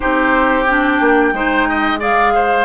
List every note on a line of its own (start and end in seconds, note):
0.00 1.00 C4
0.00 0.65 D#4
0.00 1.33 G4
0.00 0.64 C5
0.66 1.34 D4
0.66 1.99 G5
1.00 1.32 A#3
1.32 2.65 G#3
1.32 1.98 D#4
1.32 1.68 C5
1.69 1.99 D#5
1.98 2.65 G#4
1.98 2.32 D5
1.98 2.65 F5
2.35 2.65 C5